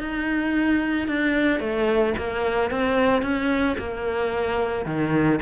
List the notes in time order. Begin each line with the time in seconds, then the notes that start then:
0.00 D#4
1.08 D4
1.60 A3
2.18 A#3
2.71 C4
3.22 C#4
3.78 A#3
4.86 D#3